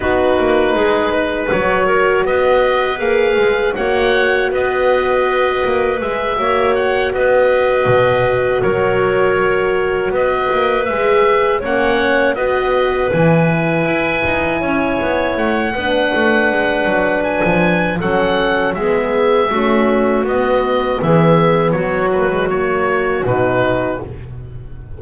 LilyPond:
<<
  \new Staff \with { instrumentName = "oboe" } { \time 4/4 \tempo 4 = 80 b'2 cis''4 dis''4 | f''4 fis''4 dis''2 | e''4 fis''8 dis''2 cis''8~ | cis''4. dis''4 e''4 fis''8~ |
fis''8 dis''4 gis''2~ gis''8~ | gis''8 fis''2~ fis''8 gis''4 | fis''4 e''2 dis''4 | e''4 cis''8 b'8 cis''4 b'4 | }
  \new Staff \with { instrumentName = "clarinet" } { \time 4/4 fis'4 gis'8 b'4 ais'8 b'4~ | b'4 cis''4 b'2~ | b'8 cis''4 b'2 ais'8~ | ais'4. b'2 cis''8~ |
cis''8 b'2. cis''8~ | cis''4 b'2. | a'4 gis'4 fis'2 | gis'4 fis'2. | }
  \new Staff \with { instrumentName = "horn" } { \time 4/4 dis'2 fis'2 | gis'4 fis'2. | gis'8 fis'2.~ fis'8~ | fis'2~ fis'8 gis'4 cis'8~ |
cis'8 fis'4 e'2~ e'8~ | e'4 d'2. | cis'4 b4 cis'4 b4~ | b4. ais16 gis16 ais4 dis'4 | }
  \new Staff \with { instrumentName = "double bass" } { \time 4/4 b8 ais8 gis4 fis4 b4 | ais8 gis8 ais4 b4. ais8 | gis8 ais4 b4 b,4 fis8~ | fis4. b8 ais8 gis4 ais8~ |
ais8 b4 e4 e'8 dis'8 cis'8 | b8 a8 b8 a8 gis8 fis8. f8. | fis4 gis4 a4 b4 | e4 fis2 b,4 | }
>>